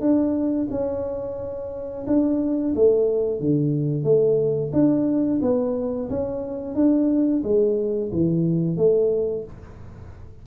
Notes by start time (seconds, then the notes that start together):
0.00 D4
0.70 C#4
2.06 D4
2.75 A3
3.40 D3
4.03 A3
4.73 D4
5.41 B3
6.09 C#4
6.74 D4
7.43 G#3
8.12 E3
8.76 A3